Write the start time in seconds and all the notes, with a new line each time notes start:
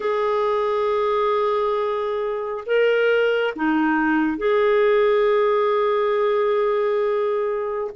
0.00 G#4
2.66 A#4
3.55 D#4
4.37 G#4